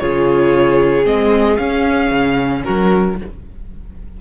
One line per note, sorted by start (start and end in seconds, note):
0.00 1.06 C#3
0.00 1.05 F4
0.00 2.64 G#4
0.00 1.05 C#5
1.05 1.59 G#3
1.05 1.58 C4
1.05 1.57 D#5
1.57 3.16 C#4
1.57 2.11 C#4
1.57 2.63 F5
2.11 2.64 C#3
2.64 3.21 F#3
2.64 3.17 F#4
2.64 3.17 A#4